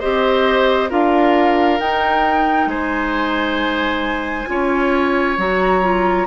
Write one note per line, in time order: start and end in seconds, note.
0.00 0.91 C4
0.00 0.89 G4
0.00 0.89 C5
0.00 0.90 D#5
0.89 1.80 D4
0.89 1.79 F4
0.89 2.68 A#4
0.89 1.80 F5
1.80 2.66 D#4
1.80 4.47 D#4
1.80 2.69 G5
2.66 4.46 G#3
2.66 4.49 C5
2.66 5.37 G#5
4.47 5.37 C#4
4.47 5.36 F4
4.47 6.27 C#5
5.37 6.27 F#3
5.37 5.82 F#4
5.37 6.27 A#5
5.82 6.27 F4